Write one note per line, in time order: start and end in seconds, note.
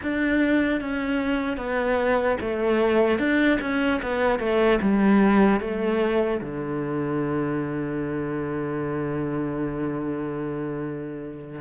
0.02 0.80 D4
0.80 1.57 C#4
1.57 2.37 B3
2.40 3.19 A3
3.19 3.59 D4
3.60 4.00 C#4
4.02 4.39 B3
4.39 4.79 A3
4.81 5.60 G3
5.60 6.40 A3
6.40 11.60 D3